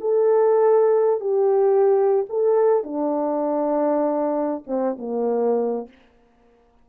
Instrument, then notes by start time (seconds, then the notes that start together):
horn
0.00 A4
1.20 G4
2.29 A4
2.83 D4
4.67 C4
4.98 A#3